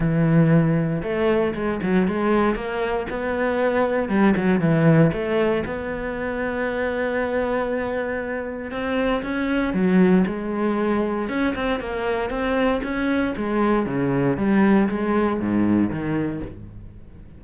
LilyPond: \new Staff \with { instrumentName = "cello" } { \time 4/4 \tempo 4 = 117 e2 a4 gis8 fis8 | gis4 ais4 b2 | g8 fis8 e4 a4 b4~ | b1~ |
b4 c'4 cis'4 fis4 | gis2 cis'8 c'8 ais4 | c'4 cis'4 gis4 cis4 | g4 gis4 gis,4 dis4 | }